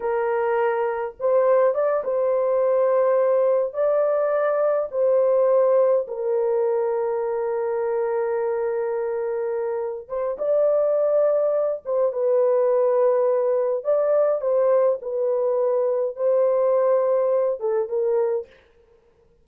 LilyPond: \new Staff \with { instrumentName = "horn" } { \time 4/4 \tempo 4 = 104 ais'2 c''4 d''8 c''8~ | c''2~ c''8 d''4.~ | d''8 c''2 ais'4.~ | ais'1~ |
ais'4. c''8 d''2~ | d''8 c''8 b'2. | d''4 c''4 b'2 | c''2~ c''8 a'8 ais'4 | }